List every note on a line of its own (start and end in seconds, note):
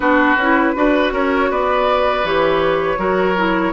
0.00 0.36 B3
0.00 0.36 D4
0.00 0.72 F#4
0.00 1.12 B4
0.36 0.74 C#4
0.36 0.75 E4
0.75 1.11 D4
0.75 2.25 F#4
0.75 1.13 B4
1.11 1.49 C#4
1.11 1.50 A#4
1.11 1.51 C#5
1.50 2.23 B3
1.50 2.98 B4
1.50 2.26 D5
2.23 2.97 E3
2.23 2.97 G4
2.23 3.72 C#5
2.97 3.72 F#3
2.97 3.34 F#4
2.97 3.72 A#4
3.37 3.72 E4